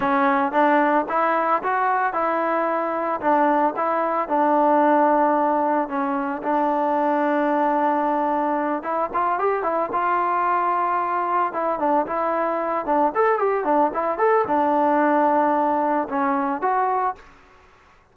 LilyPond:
\new Staff \with { instrumentName = "trombone" } { \time 4/4 \tempo 4 = 112 cis'4 d'4 e'4 fis'4 | e'2 d'4 e'4 | d'2. cis'4 | d'1~ |
d'8 e'8 f'8 g'8 e'8 f'4.~ | f'4. e'8 d'8 e'4. | d'8 a'8 g'8 d'8 e'8 a'8 d'4~ | d'2 cis'4 fis'4 | }